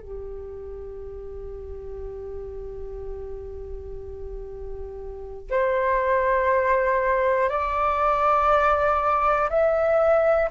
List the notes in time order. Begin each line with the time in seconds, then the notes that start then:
0.00 G4
5.50 C5
7.49 D5
9.49 E5